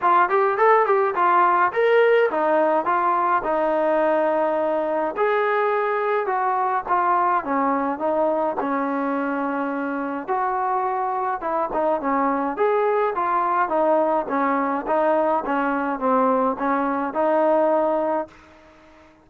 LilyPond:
\new Staff \with { instrumentName = "trombone" } { \time 4/4 \tempo 4 = 105 f'8 g'8 a'8 g'8 f'4 ais'4 | dis'4 f'4 dis'2~ | dis'4 gis'2 fis'4 | f'4 cis'4 dis'4 cis'4~ |
cis'2 fis'2 | e'8 dis'8 cis'4 gis'4 f'4 | dis'4 cis'4 dis'4 cis'4 | c'4 cis'4 dis'2 | }